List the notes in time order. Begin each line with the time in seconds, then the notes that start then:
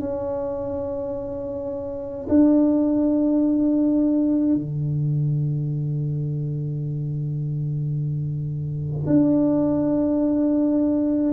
0.00 C#4
2.28 D4
4.55 D3
9.06 D4